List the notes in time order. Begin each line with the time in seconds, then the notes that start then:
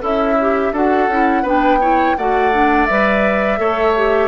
0.00 C#4 E4 A4 E5
0.41 G4
0.72 D4 F#4 A4 F#5
1.08 C#4 E4
1.43 B3 D4 B4 G5
1.81 E4 C#5
2.18 A3 F#4 D5 F#5
2.53 D4
2.86 G3 B4 E5
3.58 A3 A4 C#5
3.97 G4